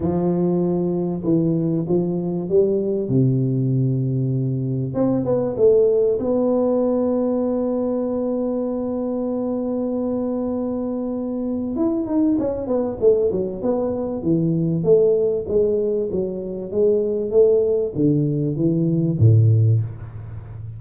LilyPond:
\new Staff \with { instrumentName = "tuba" } { \time 4/4 \tempo 4 = 97 f2 e4 f4 | g4 c2. | c'8 b8 a4 b2~ | b1~ |
b2. e'8 dis'8 | cis'8 b8 a8 fis8 b4 e4 | a4 gis4 fis4 gis4 | a4 d4 e4 a,4 | }